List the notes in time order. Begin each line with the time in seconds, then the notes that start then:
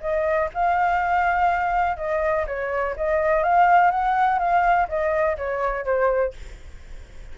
0.00 D#5
0.54 F5
1.97 D#5
2.47 C#5
2.96 D#5
3.43 F5
3.90 F#5
4.39 F5
4.88 D#5
5.37 C#5
5.84 C5